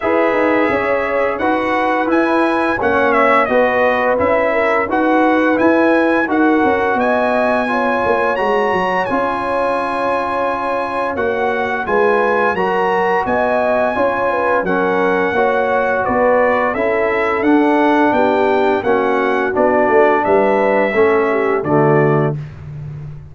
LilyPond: <<
  \new Staff \with { instrumentName = "trumpet" } { \time 4/4 \tempo 4 = 86 e''2 fis''4 gis''4 | fis''8 e''8 dis''4 e''4 fis''4 | gis''4 fis''4 gis''2 | ais''4 gis''2. |
fis''4 gis''4 ais''4 gis''4~ | gis''4 fis''2 d''4 | e''4 fis''4 g''4 fis''4 | d''4 e''2 d''4 | }
  \new Staff \with { instrumentName = "horn" } { \time 4/4 b'4 cis''4 b'2 | cis''4 b'4. ais'8 b'4~ | b'4 ais'4 dis''4 cis''4~ | cis''1~ |
cis''4 b'4 ais'4 dis''4 | cis''8 b'8 ais'4 cis''4 b'4 | a'2 g'4 fis'4~ | fis'4 b'4 a'8 g'8 fis'4 | }
  \new Staff \with { instrumentName = "trombone" } { \time 4/4 gis'2 fis'4 e'4 | cis'4 fis'4 e'4 fis'4 | e'4 fis'2 f'4 | fis'4 f'2. |
fis'4 f'4 fis'2 | f'4 cis'4 fis'2 | e'4 d'2 cis'4 | d'2 cis'4 a4 | }
  \new Staff \with { instrumentName = "tuba" } { \time 4/4 e'8 dis'8 cis'4 dis'4 e'4 | ais4 b4 cis'4 dis'4 | e'4 dis'8 cis'8 b4. ais8 | gis8 fis8 cis'2. |
ais4 gis4 fis4 b4 | cis'4 fis4 ais4 b4 | cis'4 d'4 b4 ais4 | b8 a8 g4 a4 d4 | }
>>